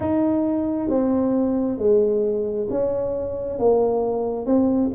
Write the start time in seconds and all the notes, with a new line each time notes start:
0.00 D#4
0.89 C4
1.78 G#3
2.70 C#4
3.59 A#3
4.45 C4